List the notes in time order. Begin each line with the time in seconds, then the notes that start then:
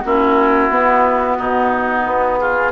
0.00 A#3 C#4 E4 F#4
0.70 B3
1.38 B2 D#4
2.06 B3
2.38 F4 G#4